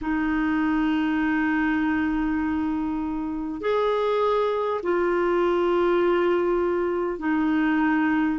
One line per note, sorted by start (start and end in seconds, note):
0.01 3.60 D#4
3.60 4.80 G#4
4.83 7.18 F4
7.18 8.38 D#4